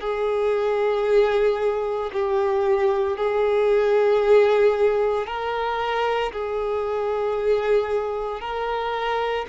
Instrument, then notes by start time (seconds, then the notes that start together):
violin
0.00 G#4
2.13 G4
3.17 G#4
5.27 A#4
6.33 G#4
8.40 A#4